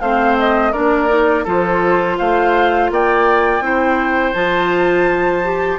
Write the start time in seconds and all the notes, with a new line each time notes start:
0.00 A3 C4 C5 F5
0.39 D#5
0.72 A#3 D4 A#4 D5
1.08 D#4
1.44 F3 F4 A4 C5
2.18 A3 C5 F5
2.90 A#3 D5 G5
3.60 C4 E4 C5
4.33 F3 F4 A5
5.43 G4